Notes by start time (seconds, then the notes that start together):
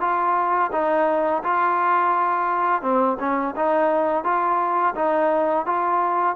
0.00 F4
0.72 D#4
1.43 F4
2.82 C4
3.19 C#4
3.56 D#4
4.24 F4
4.95 D#4
5.66 F4